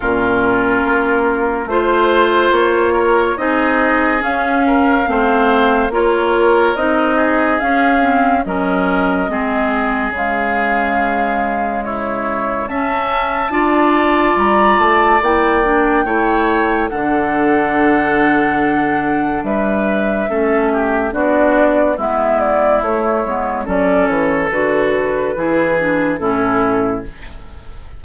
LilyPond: <<
  \new Staff \with { instrumentName = "flute" } { \time 4/4 \tempo 4 = 71 ais'2 c''4 cis''4 | dis''4 f''2 cis''4 | dis''4 f''4 dis''2 | f''2 cis''4 a''4~ |
a''4 ais''8 a''8 g''2 | fis''2. e''4~ | e''4 d''4 e''8 d''8 cis''4 | d''8 cis''8 b'2 a'4 | }
  \new Staff \with { instrumentName = "oboe" } { \time 4/4 f'2 c''4. ais'8 | gis'4. ais'8 c''4 ais'4~ | ais'8 gis'4. ais'4 gis'4~ | gis'2 e'4 e''4 |
d''2. cis''4 | a'2. b'4 | a'8 g'8 fis'4 e'2 | a'2 gis'4 e'4 | }
  \new Staff \with { instrumentName = "clarinet" } { \time 4/4 cis'2 f'2 | dis'4 cis'4 c'4 f'4 | dis'4 cis'8 c'8 cis'4 c'4 | gis2. cis'4 |
f'2 e'8 d'8 e'4 | d'1 | cis'4 d'4 b4 a8 b8 | cis'4 fis'4 e'8 d'8 cis'4 | }
  \new Staff \with { instrumentName = "bassoon" } { \time 4/4 ais,4 ais4 a4 ais4 | c'4 cis'4 a4 ais4 | c'4 cis'4 fis4 gis4 | cis2. cis'4 |
d'4 g8 a8 ais4 a4 | d2. g4 | a4 b4 gis4 a8 gis8 | fis8 e8 d4 e4 a,4 | }
>>